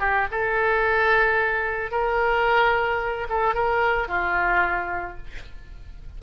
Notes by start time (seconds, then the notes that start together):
0.00 G4
0.31 A4
1.91 A#4
3.30 A4
3.55 A#4
4.08 F4